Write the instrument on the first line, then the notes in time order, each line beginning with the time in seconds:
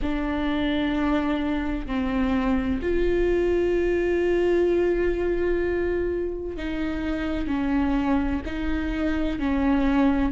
viola
0.02 D4
1.86 C4
2.81 F4
6.56 D#4
7.47 C#4
8.45 D#4
9.39 C#4